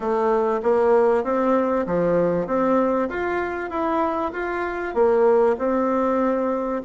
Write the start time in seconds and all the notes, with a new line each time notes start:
0.00 A3
0.62 A#3
1.24 C4
1.86 F3
2.46 C4
3.09 F4
3.69 E4
4.32 F4
4.94 A#3
5.58 C4